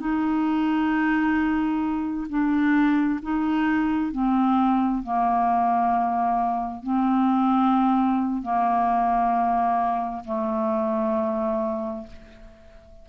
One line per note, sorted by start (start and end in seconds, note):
0.00 2.27 D#4
2.29 3.20 D4
3.22 4.12 D#4
4.12 5.03 C4
5.03 6.83 A#3
6.83 8.42 C4
8.42 10.24 A#3
10.25 12.07 A3